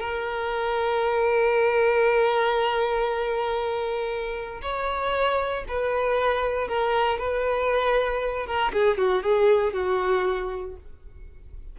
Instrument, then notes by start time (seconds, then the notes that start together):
violin
0.00 A#4
4.62 C#5
5.68 B4
6.69 A#4
7.19 B4
8.47 A#4
8.73 G#4
8.98 F#4
9.23 G#4
9.74 F#4